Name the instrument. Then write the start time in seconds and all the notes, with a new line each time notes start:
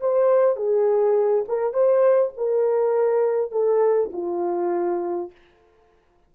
horn
0.00 C5
0.56 G#4
1.48 A#4
1.73 C5
2.37 A#4
3.51 A4
4.12 F4